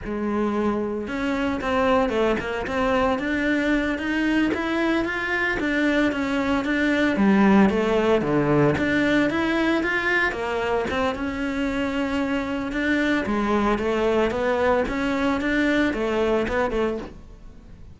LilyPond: \new Staff \with { instrumentName = "cello" } { \time 4/4 \tempo 4 = 113 gis2 cis'4 c'4 | a8 ais8 c'4 d'4. dis'8~ | dis'8 e'4 f'4 d'4 cis'8~ | cis'8 d'4 g4 a4 d8~ |
d8 d'4 e'4 f'4 ais8~ | ais8 c'8 cis'2. | d'4 gis4 a4 b4 | cis'4 d'4 a4 b8 a8 | }